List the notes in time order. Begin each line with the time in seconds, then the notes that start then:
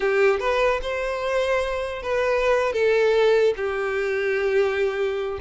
0.00 G4
0.39 B4
0.81 C5
2.02 B4
2.73 A4
3.56 G4